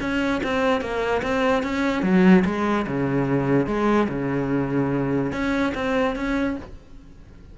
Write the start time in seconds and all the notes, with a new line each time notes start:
0.00 C#4
0.43 C4
0.81 A#3
1.22 C4
1.63 C#4
2.02 F#3
2.45 G#3
2.87 C#3
3.66 G#3
4.09 C#3
5.32 C#4
5.74 C4
6.15 C#4